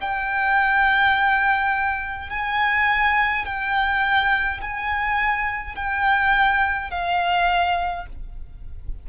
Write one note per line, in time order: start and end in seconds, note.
0.00 2.30 G5
2.30 3.45 G#5
3.45 4.60 G5
4.61 5.75 G#5
5.75 6.91 G5
6.91 8.06 F5